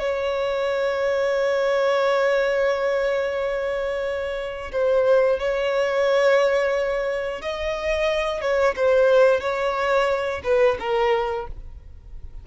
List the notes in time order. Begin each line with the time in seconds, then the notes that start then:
0.00 C#5
4.72 C5
5.40 C#5
7.42 D#5
8.41 C#5
8.76 C5
9.41 C#5
10.44 B4
10.80 A#4